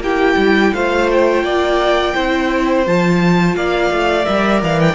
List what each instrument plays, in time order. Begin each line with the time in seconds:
0.00 cello A#3, viola E4, violin G4 G5
0.37 cello G3
0.74 cello A3, viola F4, violin C5 F5
1.12 violin G5
1.44 cello A#3, violin D5
2.15 cello C4, viola E4, violin C5
2.86 cello F3, viola F4, violin A5
3.55 cello A#3, violin D5 F5
3.91 cello A3
4.24 cello G3, viola A#4, violin E5
4.63 cello E3, violin F5
4.80 violin G5